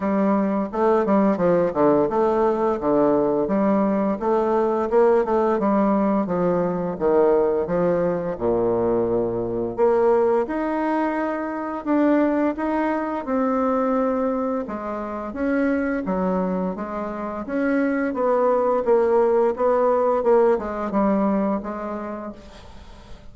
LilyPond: \new Staff \with { instrumentName = "bassoon" } { \time 4/4 \tempo 4 = 86 g4 a8 g8 f8 d8 a4 | d4 g4 a4 ais8 a8 | g4 f4 dis4 f4 | ais,2 ais4 dis'4~ |
dis'4 d'4 dis'4 c'4~ | c'4 gis4 cis'4 fis4 | gis4 cis'4 b4 ais4 | b4 ais8 gis8 g4 gis4 | }